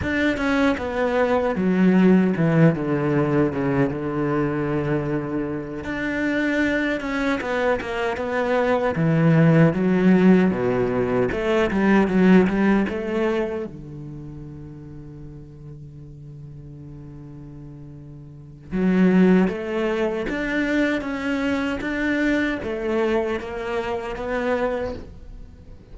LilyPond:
\new Staff \with { instrumentName = "cello" } { \time 4/4 \tempo 4 = 77 d'8 cis'8 b4 fis4 e8 d8~ | d8 cis8 d2~ d8 d'8~ | d'4 cis'8 b8 ais8 b4 e8~ | e8 fis4 b,4 a8 g8 fis8 |
g8 a4 d2~ d8~ | d1 | fis4 a4 d'4 cis'4 | d'4 a4 ais4 b4 | }